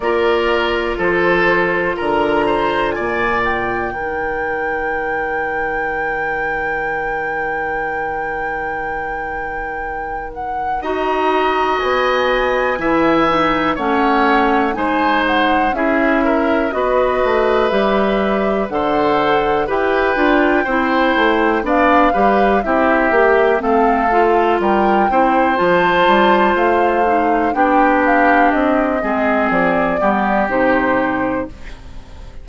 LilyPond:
<<
  \new Staff \with { instrumentName = "flute" } { \time 4/4 \tempo 4 = 61 d''4 c''4 ais''4 gis''8 g''8~ | g''1~ | g''2~ g''8 fis''8 ais''4 | gis''2 fis''4 gis''8 fis''8 |
e''4 dis''4 e''4 fis''4 | g''2 f''4 e''4 | f''4 g''4 a''4 f''4 | g''8 f''8 dis''4 d''4 c''4 | }
  \new Staff \with { instrumentName = "oboe" } { \time 4/4 ais'4 a'4 ais'8 c''8 d''4 | ais'1~ | ais'2. dis''4~ | dis''4 e''4 cis''4 c''4 |
gis'8 ais'8 b'2 c''4 | b'4 c''4 d''8 b'8 g'4 | a'4 ais'8 c''2~ c''8 | g'4. gis'4 g'4. | }
  \new Staff \with { instrumentName = "clarinet" } { \time 4/4 f'1 | dis'1~ | dis'2. fis'4~ | fis'4 e'8 dis'8 cis'4 dis'4 |
e'4 fis'4 g'4 a'4 | g'8 f'8 e'4 d'8 g'8 e'8 g'8 | c'8 f'4 e'8 f'4. dis'8 | d'4. c'4 b8 dis'4 | }
  \new Staff \with { instrumentName = "bassoon" } { \time 4/4 ais4 f4 d4 ais,4 | dis1~ | dis2. dis'4 | b4 e4 a4 gis4 |
cis'4 b8 a8 g4 d4 | e'8 d'8 c'8 a8 b8 g8 c'8 ais8 | a4 g8 c'8 f8 g8 a4 | b4 c'8 gis8 f8 g8 c4 | }
>>